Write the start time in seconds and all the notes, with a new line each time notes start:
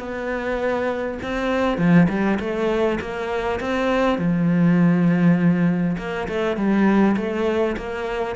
0.00 B3
1.23 C4
1.78 F3
2.09 G3
2.40 A3
3.01 A#3
3.61 C4
4.19 F3
5.98 A#3
6.29 A3
6.57 G3
7.17 A3
7.77 A#3